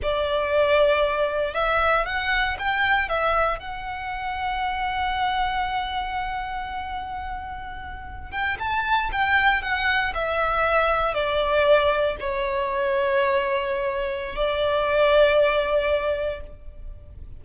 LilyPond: \new Staff \with { instrumentName = "violin" } { \time 4/4 \tempo 4 = 117 d''2. e''4 | fis''4 g''4 e''4 fis''4~ | fis''1~ | fis''1~ |
fis''16 g''8 a''4 g''4 fis''4 e''16~ | e''4.~ e''16 d''2 cis''16~ | cis''1 | d''1 | }